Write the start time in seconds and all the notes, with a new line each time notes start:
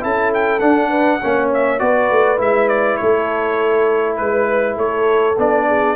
0.00 C#4 E4 A4 A5
0.34 G5
0.59 D4 F#5
0.89 B4
1.21 A#3 C#4 C#5
1.53 E5
1.79 B3 F#4 B4 D5
2.10 A3
2.37 G#3 E4 E5
2.68 D5
2.97 A3 A4 C#5
4.16 G#3 B4
4.76 A3 A4 C#5
5.37 B3 D4 D5
5.67 G#4